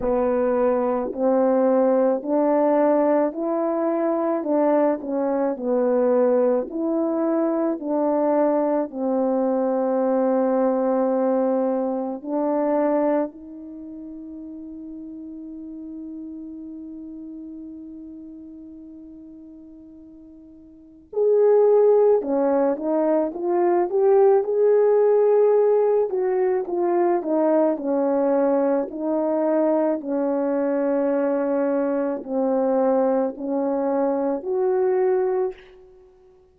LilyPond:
\new Staff \with { instrumentName = "horn" } { \time 4/4 \tempo 4 = 54 b4 c'4 d'4 e'4 | d'8 cis'8 b4 e'4 d'4 | c'2. d'4 | dis'1~ |
dis'2. gis'4 | cis'8 dis'8 f'8 g'8 gis'4. fis'8 | f'8 dis'8 cis'4 dis'4 cis'4~ | cis'4 c'4 cis'4 fis'4 | }